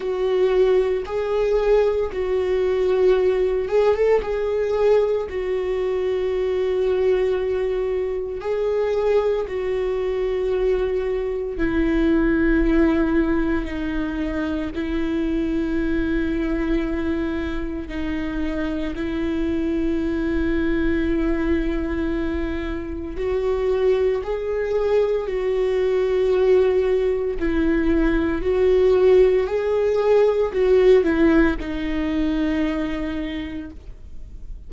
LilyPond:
\new Staff \with { instrumentName = "viola" } { \time 4/4 \tempo 4 = 57 fis'4 gis'4 fis'4. gis'16 a'16 | gis'4 fis'2. | gis'4 fis'2 e'4~ | e'4 dis'4 e'2~ |
e'4 dis'4 e'2~ | e'2 fis'4 gis'4 | fis'2 e'4 fis'4 | gis'4 fis'8 e'8 dis'2 | }